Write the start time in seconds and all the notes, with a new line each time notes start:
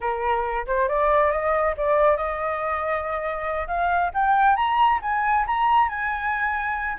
0.00 A#4
0.66 C5
0.88 D5
1.31 D#5
1.77 D5
2.16 D#5
3.67 F5
4.13 G5
4.56 A#5
5.02 G#5
5.47 A#5
5.89 G#5